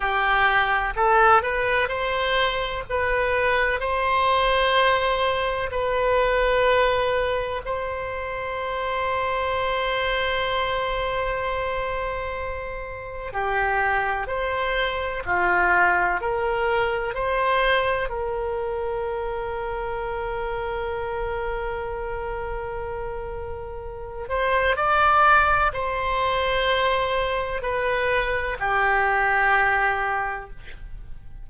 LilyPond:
\new Staff \with { instrumentName = "oboe" } { \time 4/4 \tempo 4 = 63 g'4 a'8 b'8 c''4 b'4 | c''2 b'2 | c''1~ | c''2 g'4 c''4 |
f'4 ais'4 c''4 ais'4~ | ais'1~ | ais'4. c''8 d''4 c''4~ | c''4 b'4 g'2 | }